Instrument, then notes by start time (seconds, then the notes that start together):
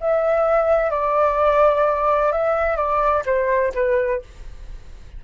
flute
0.00 E5
0.90 D5
2.31 E5
2.76 D5
3.25 C5
3.74 B4